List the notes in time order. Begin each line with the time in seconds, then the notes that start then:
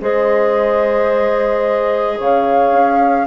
0.00 G#3 G#4 C5 D#5
2.17 C#3 C#5 F5
2.72 C#4